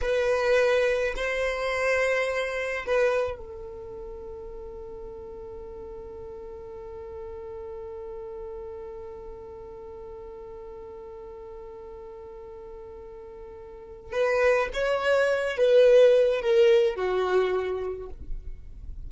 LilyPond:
\new Staff \with { instrumentName = "violin" } { \time 4/4 \tempo 4 = 106 b'2 c''2~ | c''4 b'4 a'2~ | a'1~ | a'1~ |
a'1~ | a'1~ | a'4 b'4 cis''4. b'8~ | b'4 ais'4 fis'2 | }